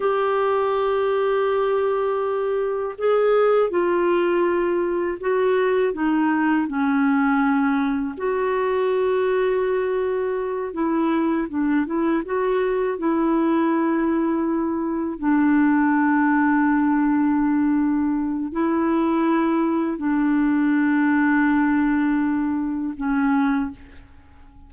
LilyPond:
\new Staff \with { instrumentName = "clarinet" } { \time 4/4 \tempo 4 = 81 g'1 | gis'4 f'2 fis'4 | dis'4 cis'2 fis'4~ | fis'2~ fis'8 e'4 d'8 |
e'8 fis'4 e'2~ e'8~ | e'8 d'2.~ d'8~ | d'4 e'2 d'4~ | d'2. cis'4 | }